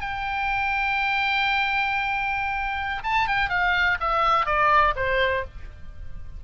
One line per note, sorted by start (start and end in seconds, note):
0.00 3.02 G5
3.03 3.27 A5
3.27 3.49 G5
3.49 3.98 F5
4.00 4.46 E5
4.46 4.94 D5
4.95 5.44 C5